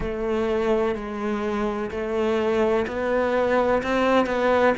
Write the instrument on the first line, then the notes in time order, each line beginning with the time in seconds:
cello
0.00 A3
0.95 G#3
1.90 A3
2.87 B3
3.83 C4
4.26 B3